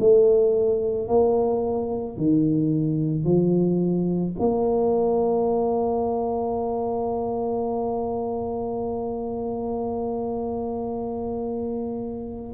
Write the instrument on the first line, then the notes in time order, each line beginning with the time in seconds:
tuba
0.00 A3
1.08 A#3
2.17 D#3
3.24 F3
4.39 A#3